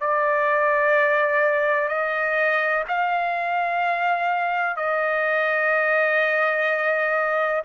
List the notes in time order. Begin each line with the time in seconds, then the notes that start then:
0.00 D5
1.88 D#5
2.87 F5
4.76 D#5